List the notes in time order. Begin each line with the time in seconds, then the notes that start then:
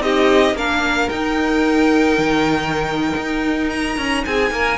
0.00 C4 D#4 G4 D#5
0.54 A#3 D4 A#4 F5
1.09 D#4 G5
2.18 D#3
3.17 D#4
3.70 A#5
3.98 C#4
4.25 C4 G#4 G#5
4.51 A#3 A#4